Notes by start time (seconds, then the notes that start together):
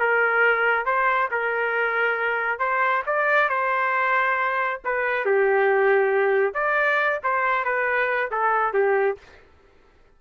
0.00 A#4
0.85 C5
1.31 A#4
2.59 C5
3.06 D5
3.49 C5
4.85 B4
5.25 G4
6.54 D5
7.24 C5
7.65 B4
8.31 A4
8.74 G4